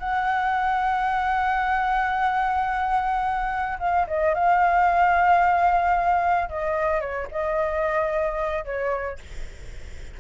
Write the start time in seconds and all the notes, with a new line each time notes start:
0.00 F#5
3.80 F5
4.08 D#5
4.35 F5
6.50 D#5
7.01 C#5
7.31 D#5
8.65 C#5